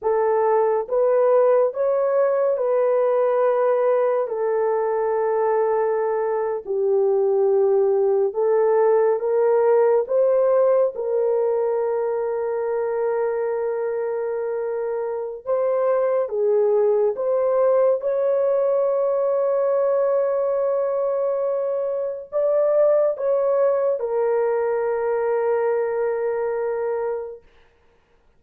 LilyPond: \new Staff \with { instrumentName = "horn" } { \time 4/4 \tempo 4 = 70 a'4 b'4 cis''4 b'4~ | b'4 a'2~ a'8. g'16~ | g'4.~ g'16 a'4 ais'4 c''16~ | c''8. ais'2.~ ais'16~ |
ais'2 c''4 gis'4 | c''4 cis''2.~ | cis''2 d''4 cis''4 | ais'1 | }